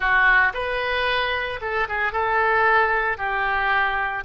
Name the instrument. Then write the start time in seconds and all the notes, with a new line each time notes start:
oboe
0.00 F#4
0.53 B4
1.61 A4
1.88 G#4
2.12 A4
3.17 G4